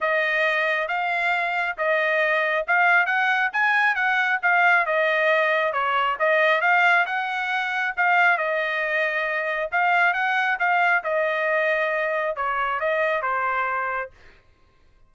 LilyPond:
\new Staff \with { instrumentName = "trumpet" } { \time 4/4 \tempo 4 = 136 dis''2 f''2 | dis''2 f''4 fis''4 | gis''4 fis''4 f''4 dis''4~ | dis''4 cis''4 dis''4 f''4 |
fis''2 f''4 dis''4~ | dis''2 f''4 fis''4 | f''4 dis''2. | cis''4 dis''4 c''2 | }